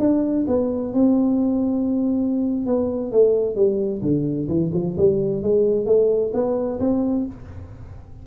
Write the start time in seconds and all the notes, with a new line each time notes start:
0.00 D4
0.48 B3
0.94 C4
2.66 B3
3.12 A3
3.56 G3
4.02 D3
4.49 E3
4.74 F3
4.98 G3
5.43 G#3
5.86 A3
6.34 B3
6.80 C4